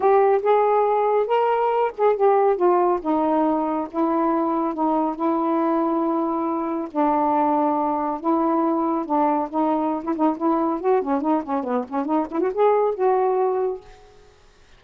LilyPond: \new Staff \with { instrumentName = "saxophone" } { \time 4/4 \tempo 4 = 139 g'4 gis'2 ais'4~ | ais'8 gis'8 g'4 f'4 dis'4~ | dis'4 e'2 dis'4 | e'1 |
d'2. e'4~ | e'4 d'4 dis'4~ dis'16 e'16 dis'8 | e'4 fis'8 cis'8 dis'8 cis'8 b8 cis'8 | dis'8 e'16 fis'16 gis'4 fis'2 | }